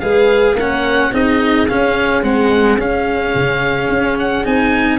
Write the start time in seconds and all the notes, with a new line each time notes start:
0.00 G#3 G#4 B4 F5
0.54 A#3 A#4 F#5
0.60 C#4
1.12 C4 D#4 G#4 D#5
1.68 C#4 F5
2.23 G#3 C4 F#5
2.78 C#4 F5
3.35 C#3
3.89 C#4
4.19 F#5
4.45 C4 D#4 G#5